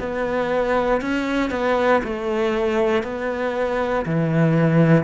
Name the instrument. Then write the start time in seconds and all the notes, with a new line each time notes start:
cello
0.00 B3
1.02 C#4
1.51 B3
2.04 A3
3.04 B3
4.06 E3